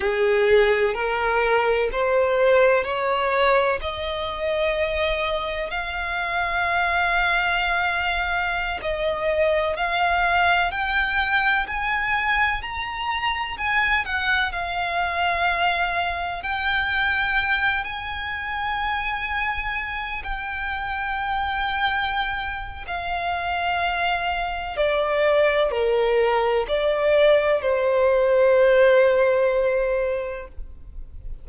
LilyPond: \new Staff \with { instrumentName = "violin" } { \time 4/4 \tempo 4 = 63 gis'4 ais'4 c''4 cis''4 | dis''2 f''2~ | f''4~ f''16 dis''4 f''4 g''8.~ | g''16 gis''4 ais''4 gis''8 fis''8 f''8.~ |
f''4~ f''16 g''4. gis''4~ gis''16~ | gis''4~ gis''16 g''2~ g''8. | f''2 d''4 ais'4 | d''4 c''2. | }